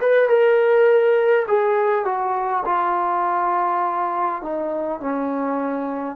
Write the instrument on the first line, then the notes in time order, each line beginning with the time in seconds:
trombone
0.00 B4
0.28 A#4
1.47 G#4
2.05 F#4
2.65 F4
4.42 D#4
4.99 C#4